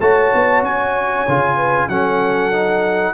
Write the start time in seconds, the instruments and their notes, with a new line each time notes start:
0.00 tuba A3, trombone F#4, horn C#5, trumpet A5
0.34 tuba B3
0.62 tuba C#4, trumpet G#5
1.28 tuba C#3, trombone F4
1.56 horn B4
1.88 tuba F#3, trombone C#4, horn A4, trumpet F#5
2.52 trombone D#4